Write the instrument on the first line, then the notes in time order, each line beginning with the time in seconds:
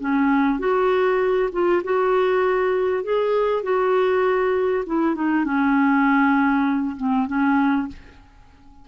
clarinet
0.00 C#4
0.59 F#4
1.52 F4
1.84 F#4
3.04 G#4
3.63 F#4
4.86 E4
5.15 D#4
5.45 C#4
6.97 C4
7.27 C#4